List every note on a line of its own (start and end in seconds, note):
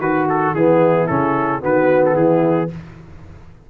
0.00 0.54 D#3
0.00 0.55 F#4
0.00 0.56 F#4
0.00 0.28 B4
0.29 0.55 A4
0.55 1.09 E3
0.55 1.09 B3
0.55 1.62 E4
0.55 1.08 G#4
1.08 1.64 C#3
1.08 1.61 C#4
1.08 1.62 A4
1.61 2.15 D#3
1.61 2.69 B3
1.61 2.15 F#4
1.61 2.05 B4
2.06 2.16 A4
2.15 2.69 E3
2.15 2.69 E4
2.15 2.70 G#4